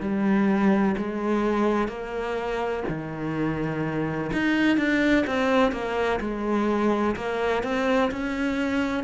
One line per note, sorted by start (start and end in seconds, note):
0.00 0.95 G3
0.97 1.88 G#3
1.88 2.83 A#3
2.88 4.31 D#3
4.32 4.77 D#4
4.77 5.25 D4
5.26 5.72 C4
5.72 6.19 A#3
6.20 7.15 G#3
7.16 7.63 A#3
7.63 8.11 C4
8.11 9.03 C#4